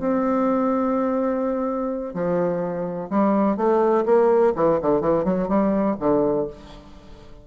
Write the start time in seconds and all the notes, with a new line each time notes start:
0.00 C4
2.14 F3
3.10 G3
3.57 A3
4.06 A#3
4.56 E3
4.82 D3
5.01 E3
5.25 F#3
5.49 G3
6.00 D3